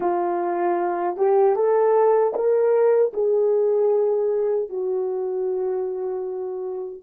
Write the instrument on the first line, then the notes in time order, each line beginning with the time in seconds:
horn
0.00 F4
1.17 G4
1.55 A4
2.34 A#4
3.13 G#4
4.69 F#4